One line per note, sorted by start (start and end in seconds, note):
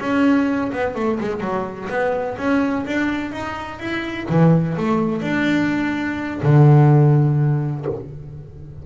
0.00 0.71 C#4
0.72 0.95 B3
0.95 1.19 A3
1.20 1.41 G#3
1.41 1.88 F#3
1.89 2.37 B3
2.38 2.85 C#4
2.86 3.32 D4
3.32 3.79 D#4
3.79 4.27 E4
4.29 4.77 E3
4.77 5.22 A3
5.22 6.41 D4
6.43 7.85 D3